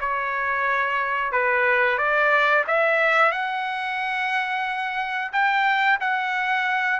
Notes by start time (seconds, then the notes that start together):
0.00 C#5
1.32 B4
1.98 D5
2.67 E5
3.32 F#5
5.32 G5
6.00 F#5